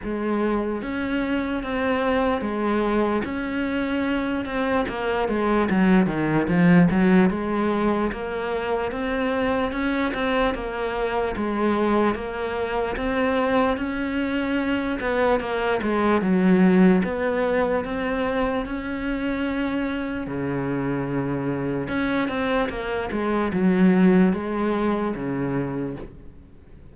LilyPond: \new Staff \with { instrumentName = "cello" } { \time 4/4 \tempo 4 = 74 gis4 cis'4 c'4 gis4 | cis'4. c'8 ais8 gis8 fis8 dis8 | f8 fis8 gis4 ais4 c'4 | cis'8 c'8 ais4 gis4 ais4 |
c'4 cis'4. b8 ais8 gis8 | fis4 b4 c'4 cis'4~ | cis'4 cis2 cis'8 c'8 | ais8 gis8 fis4 gis4 cis4 | }